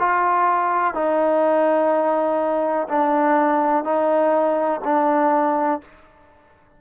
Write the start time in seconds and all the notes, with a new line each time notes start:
0.00 F4
0.95 D#4
2.89 D4
3.84 D#4
4.84 D4